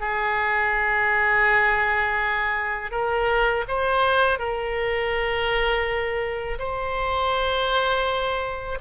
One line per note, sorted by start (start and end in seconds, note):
0.00 2.91 G#4
2.91 3.65 A#4
3.68 4.39 C5
4.39 6.58 A#4
6.59 8.78 C5